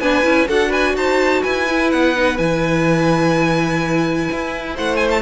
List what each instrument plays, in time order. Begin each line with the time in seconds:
0.00 cello B3, viola D4, violin B4 G#5
0.24 cello C#4, viola E4
0.47 cello D4, viola F#4, violin A4 F#5
0.70 violin B4 G#5
0.96 cello D#4, violin C5 A5
1.43 cello E4, violin B4 G#5
1.69 viola E4
1.91 cello B3, violin F#5
2.16 viola D#4
2.37 cello E3, viola E4, violin G#5
4.32 cello E4
4.75 cello A3, violin C5 F#5
4.97 violin G#5
5.11 violin A5